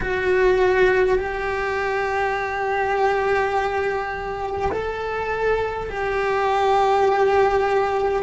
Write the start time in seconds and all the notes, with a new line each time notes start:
0.01 F#4
1.18 G4
4.72 A4
5.89 G4